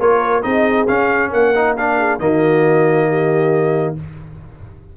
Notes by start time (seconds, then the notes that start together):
0.00 A#3 F4 A#4 C#5
0.43 C4 D#4 G#4 D#5
0.88 C#4 F5
1.30 A#3 A#4 F#5
1.55 D#4
1.77 D4 F5
1.98 G#4
2.20 D#3 A#3 F#4 D#5
3.09 G4